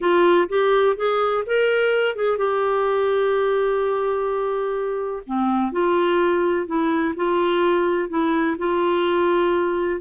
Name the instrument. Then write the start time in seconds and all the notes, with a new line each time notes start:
clarinet
0.00 F4
0.48 G4
0.96 G#4
1.46 A#4
2.15 G#4
2.37 G4
5.26 C4
5.72 F4
6.66 E4
7.16 F4
8.09 E4
8.57 F4